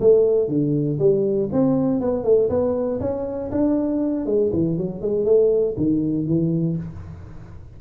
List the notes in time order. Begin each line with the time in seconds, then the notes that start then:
0.00 A3
0.48 D3
0.99 G3
1.52 C4
2.01 B3
2.23 A3
2.49 B3
3.00 C#4
3.51 D4
4.25 G#3
4.53 E3
4.77 F#3
5.01 G#3
5.25 A3
5.77 D#3
6.26 E3